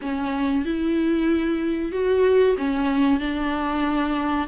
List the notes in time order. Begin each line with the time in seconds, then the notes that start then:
0.01 C#4
0.65 E4
1.92 F#4
2.57 C#4
3.20 D4